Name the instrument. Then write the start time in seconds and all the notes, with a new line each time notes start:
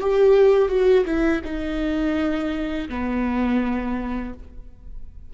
viola
0.00 G4
0.68 F#4
1.05 E4
1.44 D#4
2.89 B3